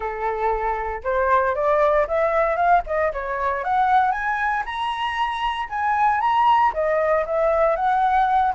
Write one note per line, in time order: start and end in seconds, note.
0.00 1.02 A4
1.03 1.55 C5
1.55 2.06 D5
2.07 2.56 E5
2.56 2.82 F5
2.86 3.12 D#5
3.12 3.63 C#5
3.63 4.11 F#5
4.11 4.63 G#5
4.65 5.68 A#5
5.69 6.20 G#5
6.20 6.72 A#5
6.73 7.25 D#5
7.26 7.76 E5
7.76 8.53 F#5